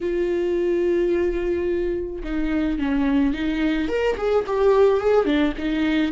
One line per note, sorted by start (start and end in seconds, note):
0.00 2.22 F4
2.23 2.79 D#4
2.79 3.33 C#4
3.33 3.88 D#4
3.88 4.16 A#4
4.17 4.44 G#4
4.46 5.00 G4
5.00 5.25 G#4
5.25 5.53 D4
5.57 6.11 D#4